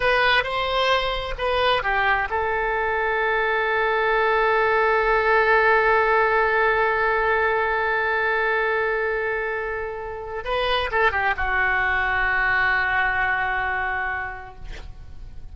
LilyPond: \new Staff \with { instrumentName = "oboe" } { \time 4/4 \tempo 4 = 132 b'4 c''2 b'4 | g'4 a'2.~ | a'1~ | a'1~ |
a'1~ | a'2. b'4 | a'8 g'8 fis'2.~ | fis'1 | }